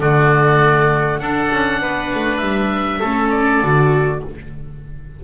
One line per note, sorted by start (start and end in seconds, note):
0.00 1.20 D3
0.00 1.20 A3
0.00 1.21 F#4
0.00 1.20 D5
1.20 1.50 D4
1.20 3.02 D4
1.20 1.81 A4
1.20 2.38 F#5
1.52 1.82 C#4
1.81 2.12 B3
1.81 3.00 B4
2.14 2.40 A3
2.38 3.00 G3
2.38 3.28 E5
3.00 3.62 A3
3.00 3.64 C#4
3.00 4.20 A4
3.31 4.21 D5
3.63 4.23 D3
3.63 4.24 F#4